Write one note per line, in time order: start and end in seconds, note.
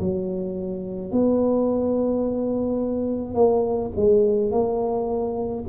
0.00 1.12 F#3
1.12 3.34 B3
3.34 3.91 A#3
3.96 4.51 G#3
4.51 5.64 A#3